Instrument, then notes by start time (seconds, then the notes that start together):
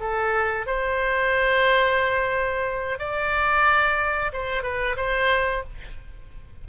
oboe
0.00 A4
0.67 C5
2.99 D5
4.33 C5
4.63 B4
4.97 C5